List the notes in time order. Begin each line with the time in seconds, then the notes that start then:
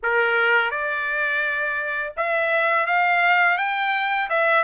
0.03 A#4
0.70 D5
2.16 E5
2.86 F5
3.57 G5
4.29 E5